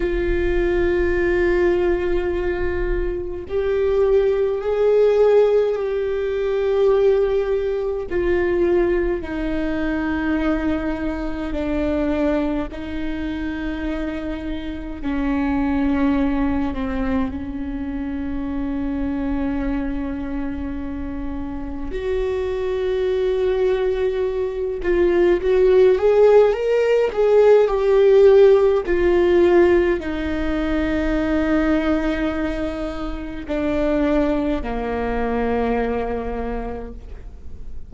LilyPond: \new Staff \with { instrumentName = "viola" } { \time 4/4 \tempo 4 = 52 f'2. g'4 | gis'4 g'2 f'4 | dis'2 d'4 dis'4~ | dis'4 cis'4. c'8 cis'4~ |
cis'2. fis'4~ | fis'4. f'8 fis'8 gis'8 ais'8 gis'8 | g'4 f'4 dis'2~ | dis'4 d'4 ais2 | }